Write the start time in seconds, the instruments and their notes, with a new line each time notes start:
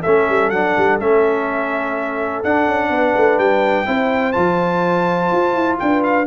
0.00 tuba A3, trombone C#4, horn A4, trumpet E5
0.29 tuba G3
0.49 tuba F#3, trombone D4, trumpet F#5
0.77 tuba G3
0.99 tuba A3, trombone C#4, trumpet E5
2.43 tuba D4, trombone D4, trumpet F#5
2.66 tuba C#4
2.89 tuba B3, horn B4
3.16 tuba A3
3.38 tuba G3, trumpet G5
3.85 tuba C4, trombone E4, horn C5
4.32 tuba F3, trombone F4, trumpet A5
5.32 tuba F4
5.54 tuba E4
5.79 tuba D4, horn B4, trumpet G5
6.03 trumpet F5